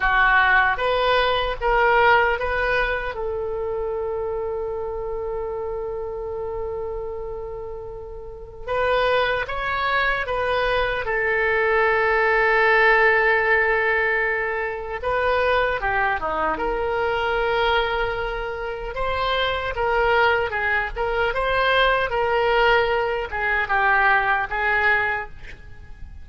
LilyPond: \new Staff \with { instrumentName = "oboe" } { \time 4/4 \tempo 4 = 76 fis'4 b'4 ais'4 b'4 | a'1~ | a'2. b'4 | cis''4 b'4 a'2~ |
a'2. b'4 | g'8 dis'8 ais'2. | c''4 ais'4 gis'8 ais'8 c''4 | ais'4. gis'8 g'4 gis'4 | }